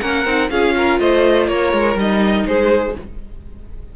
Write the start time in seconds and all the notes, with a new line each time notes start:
0.00 A#3 C#4 A#4 F#5
0.25 C4 D#4
0.49 C#4 F4 G#4 F5
0.76 A#4
0.99 A3 C5 D#5
1.47 A#3 A#4 C#5
1.72 G#3
1.95 G3 D#4 D#5
2.45 G#3 G#4 C5